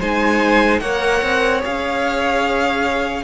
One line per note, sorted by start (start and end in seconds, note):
0.00 0.81 G#3
0.00 0.83 D#4
0.00 0.81 C5
0.00 0.80 G#5
0.80 1.22 A#3
0.80 1.61 A#4
0.80 3.24 C#5
0.80 1.61 F#5
1.22 1.63 C4
1.61 3.24 C#4
1.61 3.23 G#4
1.61 3.24 F5